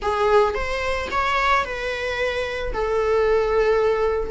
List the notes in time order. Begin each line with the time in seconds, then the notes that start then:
0.02 G#4
0.54 C5
1.11 C#5
1.64 B4
2.73 A4